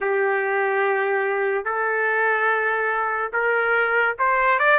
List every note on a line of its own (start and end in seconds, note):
0.00 1.64 G4
1.64 3.31 A4
3.33 4.16 A#4
4.19 4.59 C5
4.59 4.79 D5